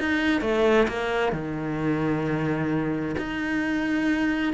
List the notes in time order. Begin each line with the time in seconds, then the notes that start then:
0.00 D#4
0.42 A3
0.88 A#3
1.33 D#3
3.18 D#4